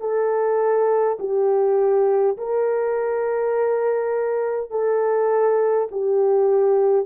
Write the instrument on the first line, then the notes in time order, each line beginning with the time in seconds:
horn
0.00 A4
1.20 G4
2.37 A#4
4.71 A4
5.91 G4